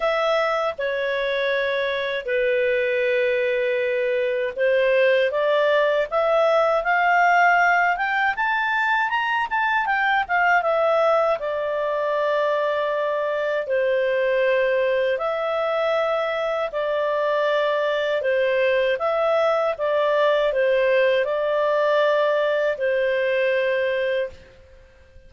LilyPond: \new Staff \with { instrumentName = "clarinet" } { \time 4/4 \tempo 4 = 79 e''4 cis''2 b'4~ | b'2 c''4 d''4 | e''4 f''4. g''8 a''4 | ais''8 a''8 g''8 f''8 e''4 d''4~ |
d''2 c''2 | e''2 d''2 | c''4 e''4 d''4 c''4 | d''2 c''2 | }